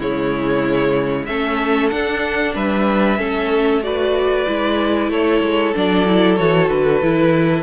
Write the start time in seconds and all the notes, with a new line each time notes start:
0.00 C#3 G#3 E4 C#5
1.26 A3 C#4 A4 E5
1.90 D4 F#5
2.55 G3 B4 E5
3.18 A3 C#4 A4
3.83 F#4 B4 D5
4.47 G#3 E4
5.09 A3 A4 C#5
5.41 G#3
5.75 F#3 D4 D5
6.06 E4
6.37 E3 F#4 C#5
6.69 D3 B4
7.02 E3 E4